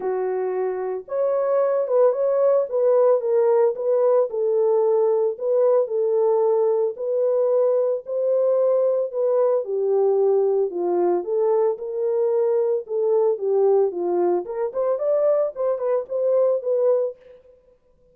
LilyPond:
\new Staff \with { instrumentName = "horn" } { \time 4/4 \tempo 4 = 112 fis'2 cis''4. b'8 | cis''4 b'4 ais'4 b'4 | a'2 b'4 a'4~ | a'4 b'2 c''4~ |
c''4 b'4 g'2 | f'4 a'4 ais'2 | a'4 g'4 f'4 ais'8 c''8 | d''4 c''8 b'8 c''4 b'4 | }